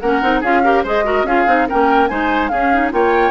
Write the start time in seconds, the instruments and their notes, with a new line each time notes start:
0.00 bassoon A#3, clarinet C#4, oboe A#4, flute F#5
0.22 bassoon C4, clarinet D#4
0.40 bassoon C#4, clarinet F4, oboe G#4, flute F5
0.64 clarinet G4, oboe A#4
0.83 bassoon G#3, clarinet G#4, oboe C5, flute D#5
1.04 clarinet F#4, oboe A#4
1.23 bassoon C#4, clarinet F4, oboe G#4, flute F5
1.47 bassoon C4, clarinet D#4
1.68 bassoon A#3, clarinet C#4, oboe A#4, flute G5
2.08 bassoon G#3, clarinet D#4, oboe C5, flute G#5
2.48 bassoon C#4, clarinet C#4, oboe G#4, flute F5
2.73 clarinet D#4
2.91 bassoon A#3, clarinet F4, oboe C#5, flute G5